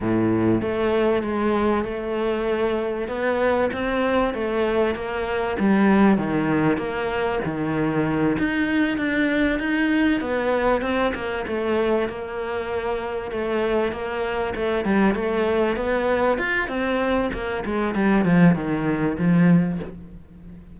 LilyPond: \new Staff \with { instrumentName = "cello" } { \time 4/4 \tempo 4 = 97 a,4 a4 gis4 a4~ | a4 b4 c'4 a4 | ais4 g4 dis4 ais4 | dis4. dis'4 d'4 dis'8~ |
dis'8 b4 c'8 ais8 a4 ais8~ | ais4. a4 ais4 a8 | g8 a4 b4 f'8 c'4 | ais8 gis8 g8 f8 dis4 f4 | }